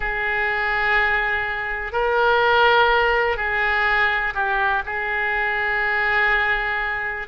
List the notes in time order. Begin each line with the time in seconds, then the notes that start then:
0.00 G#4
1.92 A#4
3.36 G#4
4.34 G4
4.85 G#4